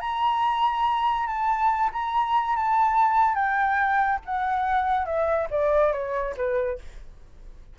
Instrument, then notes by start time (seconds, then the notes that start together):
flute
0.00 A#5
1.27 A5
1.92 A#5
2.56 A5
3.35 G5
4.25 F#5
5.05 E5
5.50 D5
5.92 C#5
6.36 B4